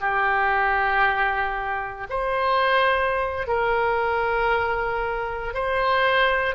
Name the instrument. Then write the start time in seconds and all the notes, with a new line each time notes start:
oboe
0.00 G4
2.09 C5
3.47 A#4
5.54 C5